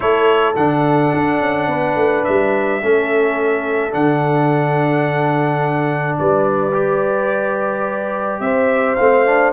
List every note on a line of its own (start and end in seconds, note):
0.00 0.56 A3
0.00 0.54 E4
0.00 1.69 A4
0.00 0.54 C#5
0.56 1.12 D3
0.56 2.82 D4
0.56 2.24 F#5
1.13 1.40 D4
1.40 1.67 C#4
1.67 1.95 B3
1.67 2.81 B4
1.95 2.23 A3
2.24 2.82 G3
2.24 3.92 E5
2.82 3.94 A3
2.82 3.91 C#4
2.82 6.18 A4
3.91 6.18 D3
3.91 6.71 D4
3.91 6.17 F#5
6.18 8.40 G3
6.18 8.42 B4
6.18 8.40 D5
6.72 8.97 G4
8.40 8.96 C4
8.40 9.52 C5
8.40 8.95 E5
8.95 9.52 A3
8.95 9.26 C4
8.95 9.51 F5
9.26 9.52 D4